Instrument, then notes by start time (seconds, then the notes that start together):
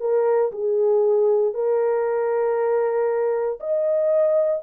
horn
0.00 A#4
0.52 G#4
1.54 A#4
3.60 D#5